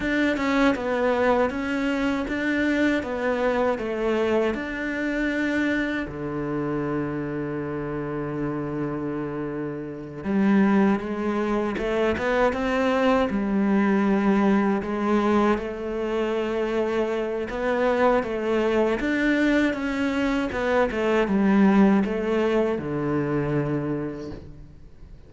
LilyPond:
\new Staff \with { instrumentName = "cello" } { \time 4/4 \tempo 4 = 79 d'8 cis'8 b4 cis'4 d'4 | b4 a4 d'2 | d1~ | d4. g4 gis4 a8 |
b8 c'4 g2 gis8~ | gis8 a2~ a8 b4 | a4 d'4 cis'4 b8 a8 | g4 a4 d2 | }